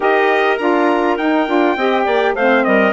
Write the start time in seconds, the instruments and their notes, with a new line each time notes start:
0.00 bassoon D#4, saxophone G4, clarinet A#4, trumpet D#5
0.57 bassoon D4, saxophone F4, trumpet A#5
1.17 bassoon D#4, saxophone D#4, trumpet G5
1.47 bassoon D4, saxophone F4
1.76 bassoon C4, saxophone G4, clarinet D#5
2.04 bassoon A#3, clarinet D5
2.34 bassoon A3, saxophone C4, clarinet C5, trumpet F5
2.64 bassoon G3, clarinet A#4, trumpet D#5